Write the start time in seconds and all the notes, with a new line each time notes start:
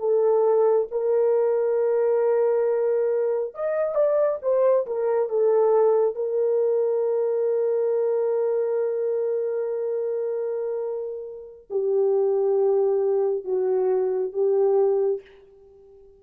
0.00 A4
0.92 A#4
3.55 D#5
3.95 D5
4.42 C5
4.87 A#4
5.30 A4
6.16 A#4
11.71 G4
13.45 F#4
14.33 G4